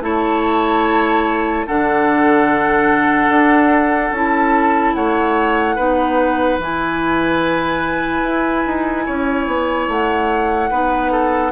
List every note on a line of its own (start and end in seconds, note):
0.00 1.64 A3
0.00 1.66 E4
0.00 1.66 C#5
0.00 1.66 A5
1.66 3.28 D3
1.66 4.13 D4
1.66 4.95 A4
1.66 4.13 F#5
3.28 4.10 D4
4.11 4.93 C#4
4.11 5.77 E4
4.11 4.94 A5
4.94 5.77 A3
4.94 5.75 C#5
4.94 6.58 F#5
5.75 6.58 B3
5.75 6.59 D#4
5.75 9.04 B4
6.58 8.22 E3
6.58 10.71 E4
6.58 9.90 G#5
8.22 8.63 E4
8.66 9.07 D#4
9.05 9.46 C#4
9.05 10.70 C#5
9.46 9.87 B3
9.87 10.70 A3
9.87 11.52 F#5
10.70 11.52 B3
10.70 11.52 D#4
10.70 11.11 B4
11.11 11.52 A4